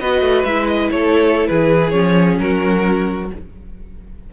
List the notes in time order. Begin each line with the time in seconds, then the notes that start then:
0.00 B3 F#4 B4 D#5
0.21 A3
0.44 G#3 E4 E5
0.67 D#5
0.91 A3 A4 C#5
1.47 E3 G#4 B4
1.90 F3 C#4 C#5
2.39 F#3 F#4 A#4